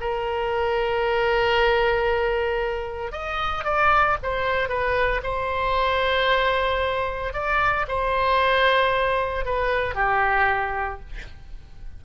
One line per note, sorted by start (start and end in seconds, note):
0.00 3.12 A#4
3.12 3.64 D#5
3.64 4.17 D5
4.23 4.68 C5
4.68 5.21 B4
5.23 7.33 C5
7.33 7.86 D5
7.88 9.45 C5
9.45 9.95 B4
9.95 11.00 G4